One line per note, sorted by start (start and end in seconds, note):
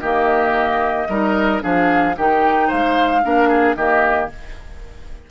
0.00 1.08 D#3
0.00 1.09 A#3
0.00 1.08 G4
0.00 1.61 D#5
1.08 1.62 G3
1.08 1.60 D#4
1.08 1.62 A#4
1.60 2.17 F3
1.60 2.14 D4
1.60 2.16 G#4
1.60 2.16 F5
2.17 2.70 D#3
2.17 3.23 D#4
2.17 2.67 G4
2.17 2.70 G5
2.67 3.24 G#3
2.67 3.21 C5
2.67 3.75 F5
3.23 3.76 A#3
3.23 3.76 D4
3.23 3.49 A#4
3.49 3.75 G#4
3.75 4.29 D#3
3.75 4.30 A#3
3.75 4.30 G4
3.75 4.29 D#5